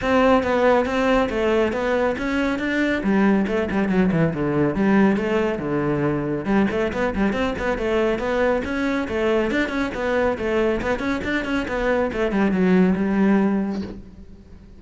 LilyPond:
\new Staff \with { instrumentName = "cello" } { \time 4/4 \tempo 4 = 139 c'4 b4 c'4 a4 | b4 cis'4 d'4 g4 | a8 g8 fis8 e8 d4 g4 | a4 d2 g8 a8 |
b8 g8 c'8 b8 a4 b4 | cis'4 a4 d'8 cis'8 b4 | a4 b8 cis'8 d'8 cis'8 b4 | a8 g8 fis4 g2 | }